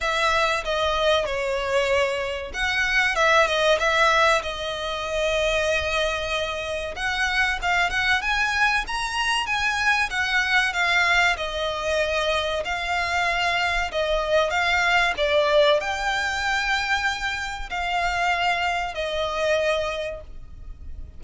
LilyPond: \new Staff \with { instrumentName = "violin" } { \time 4/4 \tempo 4 = 95 e''4 dis''4 cis''2 | fis''4 e''8 dis''8 e''4 dis''4~ | dis''2. fis''4 | f''8 fis''8 gis''4 ais''4 gis''4 |
fis''4 f''4 dis''2 | f''2 dis''4 f''4 | d''4 g''2. | f''2 dis''2 | }